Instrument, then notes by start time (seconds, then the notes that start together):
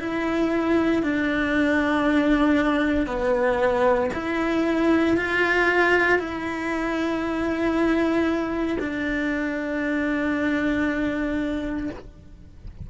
cello
0.00 E4
1.03 D4
3.07 B3
4.14 E4
5.17 F4
6.19 E4
8.80 D4